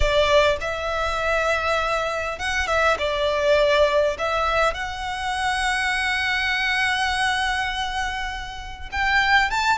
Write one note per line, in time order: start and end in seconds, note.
0.00 0.57 D5
0.60 2.38 E5
2.38 2.67 F#5
2.67 2.97 E5
2.98 4.17 D5
4.18 4.74 E5
4.74 8.89 F#5
8.91 9.50 G5
9.50 9.78 A5